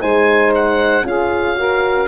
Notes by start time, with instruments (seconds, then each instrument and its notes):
0.00 tuba G#3, horn D#4, saxophone C5, oboe G#5
0.55 oboe F#5
1.04 tuba C#4, horn F4, saxophone G#4, oboe F5
1.56 horn F#4, saxophone A#4